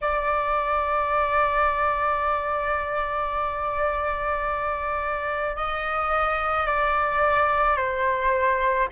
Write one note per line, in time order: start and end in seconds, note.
0.01 5.56 D5
5.56 6.66 D#5
6.66 7.76 D5
7.76 8.87 C5